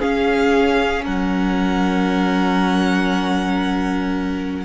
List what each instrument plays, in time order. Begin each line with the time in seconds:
0.00 viola C#4, cello C#4, violin G#4 F5
1.04 cello F#3, violin A#4 F#5